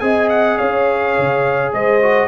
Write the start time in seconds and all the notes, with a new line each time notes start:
0.00 C4 G#4 D#5 G#5
0.30 F#5
0.58 C#4 C#5 F5
1.18 C#3
1.73 G#3 C5 D#5
2.02 F#4